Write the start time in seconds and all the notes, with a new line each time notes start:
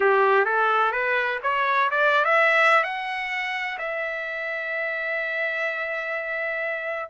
0.00 G4
0.45 A4
0.91 B4
1.43 C#5
1.90 D5
2.24 E5
2.83 F#5
3.78 E5